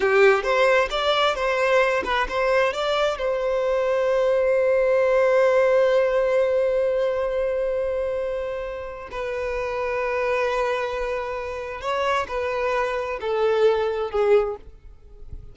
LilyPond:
\new Staff \with { instrumentName = "violin" } { \time 4/4 \tempo 4 = 132 g'4 c''4 d''4 c''4~ | c''8 b'8 c''4 d''4 c''4~ | c''1~ | c''1~ |
c''1 | b'1~ | b'2 cis''4 b'4~ | b'4 a'2 gis'4 | }